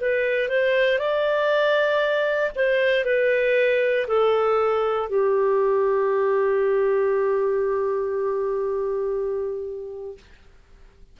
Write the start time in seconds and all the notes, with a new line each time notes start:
0.00 B4
0.49 C5
0.98 D5
2.55 C5
3.05 B4
4.07 A4
5.09 G4